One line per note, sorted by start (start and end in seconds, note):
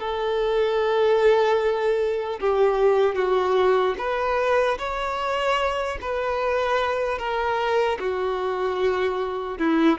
0.00 2.40 A4
2.41 3.16 G4
3.16 3.96 F#4
3.99 4.79 B4
4.79 5.99 C#5
6.02 7.19 B4
7.19 7.99 A#4
8.00 9.59 F#4
9.59 9.99 E4